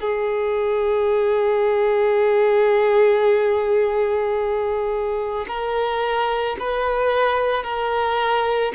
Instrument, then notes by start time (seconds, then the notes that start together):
violin
0.00 G#4
5.47 A#4
6.59 B4
7.63 A#4